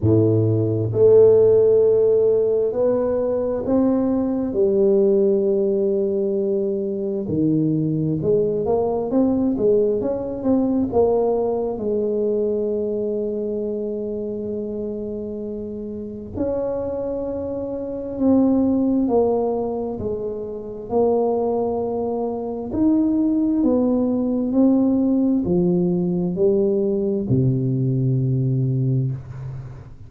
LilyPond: \new Staff \with { instrumentName = "tuba" } { \time 4/4 \tempo 4 = 66 a,4 a2 b4 | c'4 g2. | dis4 gis8 ais8 c'8 gis8 cis'8 c'8 | ais4 gis2.~ |
gis2 cis'2 | c'4 ais4 gis4 ais4~ | ais4 dis'4 b4 c'4 | f4 g4 c2 | }